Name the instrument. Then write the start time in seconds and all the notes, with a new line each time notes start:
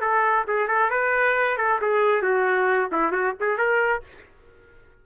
trumpet
0.00 A4
0.47 G#4
0.68 A4
0.90 B4
1.57 A4
1.81 G#4
2.22 F#4
2.91 E4
3.12 F#4
3.40 G#4
3.58 A#4